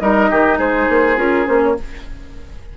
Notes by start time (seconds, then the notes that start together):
0.00 G3 D#4 A#4 D#5
0.31 D#3 G4
0.58 G#3 G#4 C5
0.89 A#3
1.17 C#4 F4 A#4
1.46 A#3 C#4 C5
1.63 C#5